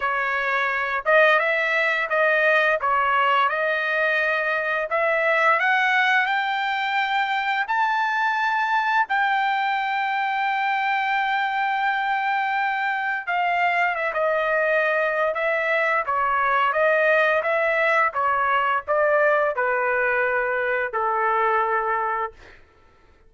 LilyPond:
\new Staff \with { instrumentName = "trumpet" } { \time 4/4 \tempo 4 = 86 cis''4. dis''8 e''4 dis''4 | cis''4 dis''2 e''4 | fis''4 g''2 a''4~ | a''4 g''2.~ |
g''2. f''4 | e''16 dis''4.~ dis''16 e''4 cis''4 | dis''4 e''4 cis''4 d''4 | b'2 a'2 | }